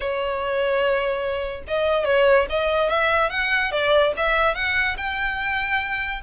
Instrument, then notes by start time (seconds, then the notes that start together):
violin
0.00 C#5
1.67 D#5
2.04 C#5
2.49 D#5
2.89 E5
3.30 F#5
3.71 D5
4.17 E5
4.54 F#5
4.97 G5